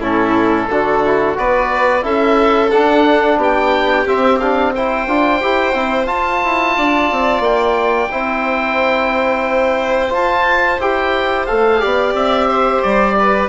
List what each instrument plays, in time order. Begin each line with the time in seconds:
0.00 bassoon A2, trombone C#4, violin E4, oboe A4
0.70 bassoon D3, trombone D4, violin F#4
1.05 trombone E4
1.35 bassoon B3, trombone F#4, violin B4, oboe D5
2.02 bassoon C#4, trombone E4, violin A4, oboe E5
2.71 trombone D4, bassoon D4, oboe F#5
3.37 bassoon B3, violin G4, oboe G5
4.07 trombone C4, bassoon C4, oboe E5
4.39 trombone D4, oboe F5
4.76 trombone E4, violin C5, oboe G5
5.07 bassoon D4, trombone F4
5.41 bassoon E4, trombone G4
5.74 bassoon C4, trombone E4
6.06 trombone F4, bassoon F4, oboe A5
6.45 bassoon E4
6.77 bassoon D4, violin D5
7.12 bassoon C4
7.40 bassoon A#3, oboe G5
8.11 bassoon C4, trombone E4, violin C5
10.10 trombone F4, bassoon F4, oboe A5
10.80 bassoon E4, trombone G4, oboe G5
11.46 bassoon A3, trombone A4, oboe F5
11.80 bassoon B3, trombone G4, violin D5
12.13 bassoon C4, oboe E5
12.48 violin C5
12.82 bassoon G3, oboe D5
13.19 violin B4